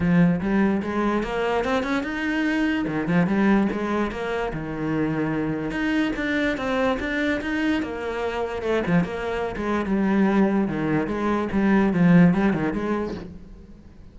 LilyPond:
\new Staff \with { instrumentName = "cello" } { \time 4/4 \tempo 4 = 146 f4 g4 gis4 ais4 | c'8 cis'8 dis'2 dis8 f8 | g4 gis4 ais4 dis4~ | dis2 dis'4 d'4 |
c'4 d'4 dis'4 ais4~ | ais4 a8 f8 ais4~ ais16 gis8. | g2 dis4 gis4 | g4 f4 g8 dis8 gis4 | }